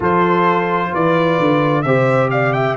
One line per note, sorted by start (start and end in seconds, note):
0.00 0.92 F3
0.00 1.84 F4
0.00 0.90 A4
0.00 0.94 C5
0.92 1.39 E3
0.92 1.84 B4
0.92 1.82 D5
1.39 1.84 D3
1.82 2.76 C3
1.82 2.76 G4
1.82 2.31 C5
1.82 2.28 E5
2.30 2.54 D5
2.30 2.52 F5
2.52 2.76 E5
2.52 2.75 G5